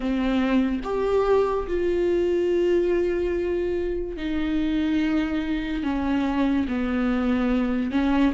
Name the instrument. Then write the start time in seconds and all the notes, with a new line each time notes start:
viola
0.00 C4
0.83 G4
1.67 F4
4.16 D#4
5.83 C#4
6.67 B3
7.91 C#4